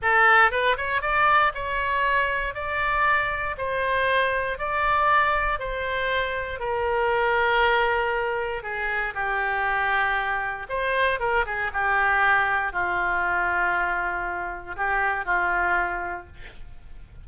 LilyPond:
\new Staff \with { instrumentName = "oboe" } { \time 4/4 \tempo 4 = 118 a'4 b'8 cis''8 d''4 cis''4~ | cis''4 d''2 c''4~ | c''4 d''2 c''4~ | c''4 ais'2.~ |
ais'4 gis'4 g'2~ | g'4 c''4 ais'8 gis'8 g'4~ | g'4 f'2.~ | f'4 g'4 f'2 | }